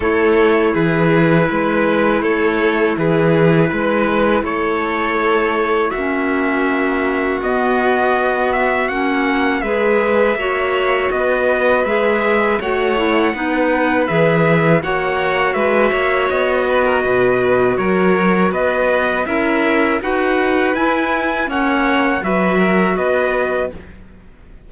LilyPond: <<
  \new Staff \with { instrumentName = "trumpet" } { \time 4/4 \tempo 4 = 81 cis''4 b'2 cis''4 | b'2 cis''2 | e''2 dis''4. e''8 | fis''4 e''2 dis''4 |
e''4 fis''2 e''4 | fis''4 e''4 dis''2 | cis''4 dis''4 e''4 fis''4 | gis''4 fis''4 e''4 dis''4 | }
  \new Staff \with { instrumentName = "violin" } { \time 4/4 a'4 gis'4 b'4 a'4 | gis'4 b'4 a'2 | fis'1~ | fis'4 b'4 cis''4 b'4~ |
b'4 cis''4 b'2 | cis''4 b'8 cis''4 b'16 ais'16 b'4 | ais'4 b'4 ais'4 b'4~ | b'4 cis''4 b'8 ais'8 b'4 | }
  \new Staff \with { instrumentName = "clarinet" } { \time 4/4 e'1~ | e'1 | cis'2 b2 | cis'4 gis'4 fis'2 |
gis'4 fis'8 e'8 dis'4 gis'4 | fis'1~ | fis'2 e'4 fis'4 | e'4 cis'4 fis'2 | }
  \new Staff \with { instrumentName = "cello" } { \time 4/4 a4 e4 gis4 a4 | e4 gis4 a2 | ais2 b2 | ais4 gis4 ais4 b4 |
gis4 a4 b4 e4 | ais4 gis8 ais8 b4 b,4 | fis4 b4 cis'4 dis'4 | e'4 ais4 fis4 b4 | }
>>